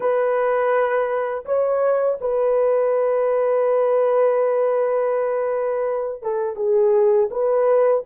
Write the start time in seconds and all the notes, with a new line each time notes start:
0.00 B4
1.45 C#5
2.20 B4
6.22 A4
6.56 G#4
7.30 B4